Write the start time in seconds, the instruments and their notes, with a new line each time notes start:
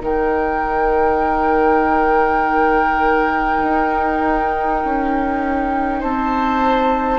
0.00 bassoon D#3, viola D#4, oboe A#4, flute G5
3.64 bassoon D#4
4.84 bassoon C#4
6.00 bassoon C4, oboe C5, flute A5